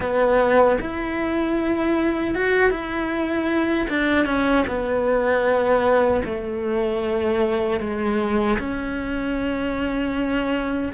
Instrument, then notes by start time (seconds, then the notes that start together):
cello
0.00 B3
0.80 E4
2.34 F#4
2.70 E4
3.89 D4
4.25 C#4
4.67 B3
6.24 A3
7.80 G#3
8.58 C#4